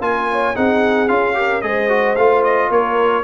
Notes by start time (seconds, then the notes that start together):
0.00 A#3 F4 A#4 G#5
0.31 C#5
0.55 C4 D#4 G#4 F#5
1.08 C#4 F4 F5
1.34 G4 A#4
1.61 G#3 G#4 C5 D#5
1.89 F#4
2.15 A3 F4 F5
2.43 D#5
2.70 A#3 A#4 C#5